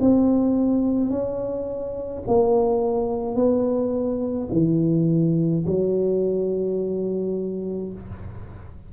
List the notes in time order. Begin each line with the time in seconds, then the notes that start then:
0.00 C4
1.10 C#4
2.27 A#3
3.35 B3
4.52 E3
5.67 F#3